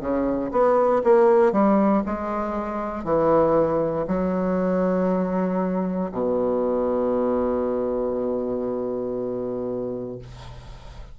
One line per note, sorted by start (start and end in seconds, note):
0.00 0.51 C#3
0.51 1.02 B3
1.04 1.52 A#3
1.52 2.03 G3
2.06 3.04 G#3
3.04 4.05 E3
4.07 6.11 F#3
6.12 10.18 B2